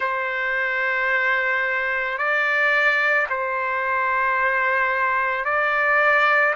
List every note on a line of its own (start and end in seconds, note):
0.00 2.18 C5
2.18 3.27 D5
3.29 5.44 C5
5.44 6.54 D5